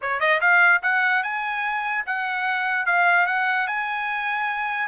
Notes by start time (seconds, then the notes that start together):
0.01 C#5
0.20 D#5
0.40 F5
0.82 F#5
1.23 G#5
2.06 F#5
2.86 F5
3.26 F#5
3.67 G#5